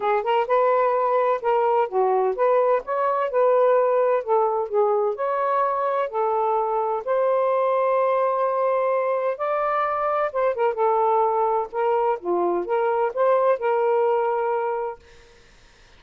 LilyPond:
\new Staff \with { instrumentName = "saxophone" } { \time 4/4 \tempo 4 = 128 gis'8 ais'8 b'2 ais'4 | fis'4 b'4 cis''4 b'4~ | b'4 a'4 gis'4 cis''4~ | cis''4 a'2 c''4~ |
c''1 | d''2 c''8 ais'8 a'4~ | a'4 ais'4 f'4 ais'4 | c''4 ais'2. | }